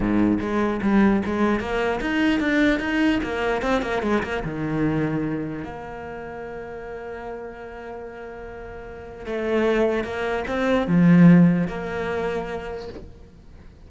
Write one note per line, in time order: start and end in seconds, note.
0.00 0.39 G#2
0.40 0.80 G#3
0.82 1.22 G3
1.25 1.59 G#3
1.59 2.00 A#3
2.00 2.40 D#4
2.40 2.79 D4
2.79 3.20 D#4
3.23 3.62 A#3
3.62 3.82 C4
3.82 4.02 A#3
4.02 4.22 G#3
4.23 4.43 A#3
4.44 5.63 D#3
5.63 9.25 A#3
9.25 10.04 A3
10.04 10.44 A#3
10.47 10.87 C4
10.87 11.67 F3
11.67 12.88 A#3